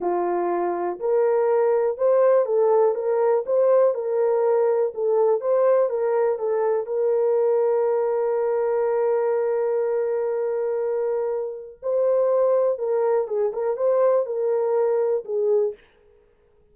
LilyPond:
\new Staff \with { instrumentName = "horn" } { \time 4/4 \tempo 4 = 122 f'2 ais'2 | c''4 a'4 ais'4 c''4 | ais'2 a'4 c''4 | ais'4 a'4 ais'2~ |
ais'1~ | ais'1 | c''2 ais'4 gis'8 ais'8 | c''4 ais'2 gis'4 | }